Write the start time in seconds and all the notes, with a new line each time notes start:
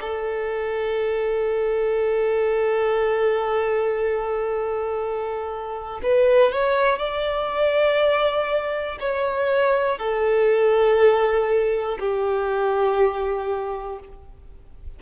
0.00 A4
6.02 B4
6.52 C#5
6.98 D5
9.00 C#5
9.98 A4
11.99 G4